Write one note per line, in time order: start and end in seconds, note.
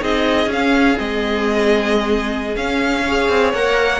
0.00 0.46 C4
0.00 0.48 D#4
0.00 3.04 G#4
0.00 0.52 D#5
0.46 0.95 C#4
0.46 0.99 F5
0.55 0.97 C#4
0.97 2.56 G#3
0.97 2.55 C4
0.97 2.56 D#5
2.56 3.29 C#4
2.56 3.07 C#4
2.56 3.53 F5
3.06 3.55 G#4
3.06 4.00 C#5
3.29 3.53 C4
3.53 4.00 A#3
3.53 4.00 A#4
3.53 4.00 F#5